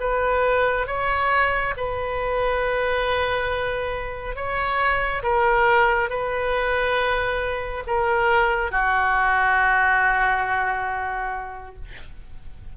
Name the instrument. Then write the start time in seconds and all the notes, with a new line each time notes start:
oboe
0.00 B4
0.87 C#5
1.77 B4
4.35 C#5
5.23 A#4
6.09 B4
7.87 A#4
8.71 F#4